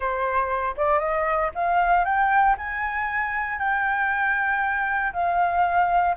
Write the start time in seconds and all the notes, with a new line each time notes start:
0.00 C5
0.76 D5
0.99 D#5
1.55 F5
2.04 G5
2.57 G#5
3.58 G5
5.13 F5